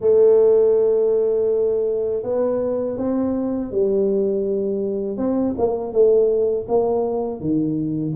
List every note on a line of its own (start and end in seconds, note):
0.00 2.23 A3
2.23 2.97 B3
2.97 3.71 C4
3.71 5.17 G3
5.17 5.54 C4
5.58 5.92 A#3
5.92 6.66 A3
6.68 7.40 A#3
7.40 8.14 D#3